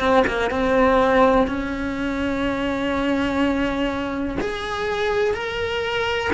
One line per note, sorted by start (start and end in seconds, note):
0.00 0.24 C4
0.27 0.51 A#3
0.51 1.48 C4
1.48 4.38 C#4
4.41 5.34 G#4
5.34 6.31 A#4